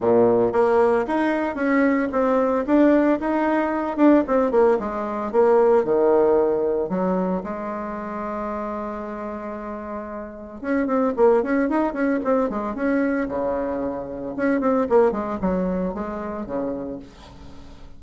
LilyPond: \new Staff \with { instrumentName = "bassoon" } { \time 4/4 \tempo 4 = 113 ais,4 ais4 dis'4 cis'4 | c'4 d'4 dis'4. d'8 | c'8 ais8 gis4 ais4 dis4~ | dis4 fis4 gis2~ |
gis1 | cis'8 c'8 ais8 cis'8 dis'8 cis'8 c'8 gis8 | cis'4 cis2 cis'8 c'8 | ais8 gis8 fis4 gis4 cis4 | }